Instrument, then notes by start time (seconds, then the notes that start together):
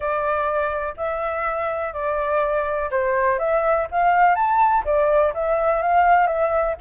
flute
0.00 D5
0.97 E5
1.93 D5
2.90 C5
3.38 E5
3.91 F5
4.35 A5
4.84 D5
5.34 E5
5.82 F5
6.26 E5